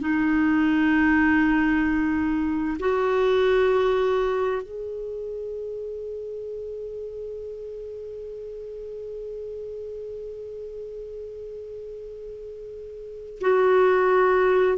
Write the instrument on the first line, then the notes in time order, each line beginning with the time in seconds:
clarinet
0.00 D#4
2.79 F#4
4.62 G#4
13.40 F#4